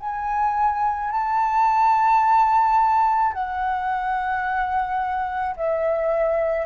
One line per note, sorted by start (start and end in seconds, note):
0.00 1.11 G#5
1.11 3.33 A5
3.33 5.55 F#5
5.56 6.66 E5